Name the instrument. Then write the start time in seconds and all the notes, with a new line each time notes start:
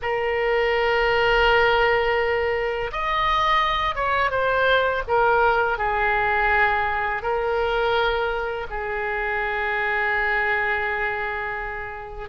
oboe
0.02 A#4
2.92 D#5
3.95 C#5
4.30 C5
5.07 A#4
5.78 G#4
7.22 A#4
8.69 G#4